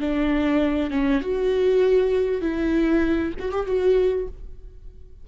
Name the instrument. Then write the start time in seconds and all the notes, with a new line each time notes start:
viola
0.00 D4
0.90 C#4
1.21 F#4
2.41 E4
3.39 F#4
3.51 G4
3.66 F#4